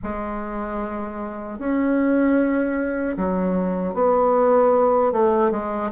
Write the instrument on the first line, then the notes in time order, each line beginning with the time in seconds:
bassoon
0.03 G#3
1.58 C#4
3.17 F#3
3.94 B3
5.12 A3
5.51 G#3